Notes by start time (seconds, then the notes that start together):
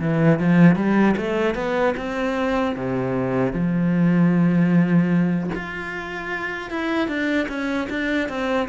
0.00 E3
0.39 F3
0.76 G3
1.17 A3
1.55 B3
1.97 C4
2.76 C3
3.53 F3
5.55 F4
6.71 E4
7.08 D4
7.49 C#4
7.90 D4
8.29 C4